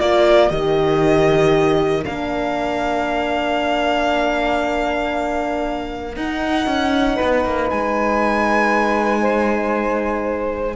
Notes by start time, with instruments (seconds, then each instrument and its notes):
0.00 cello A#3, horn F4, saxophone A#4, violin D5
0.50 cello D#3, horn G4, violin D#5
2.05 cello A#3, horn D4, violin F5
6.17 cello D#4, horn D#4, violin F#5
6.67 cello C#4
7.15 saxophone B4
7.22 cello B3
7.46 cello A#3
7.70 cello G#3, violin G#5
9.22 saxophone C5